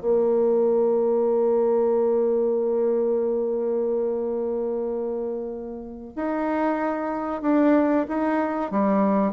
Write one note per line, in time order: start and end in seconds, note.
0.00 6.13 A#3
6.15 7.41 D#4
7.41 8.06 D4
8.08 8.70 D#4
8.70 9.32 G3